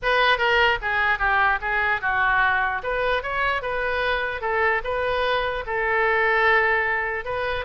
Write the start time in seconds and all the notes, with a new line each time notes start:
0.02 B4
0.38 A#4
0.81 G#4
1.19 G4
1.61 G#4
2.01 F#4
2.83 B4
3.23 C#5
3.61 B4
4.41 A4
4.84 B4
5.66 A4
7.24 B4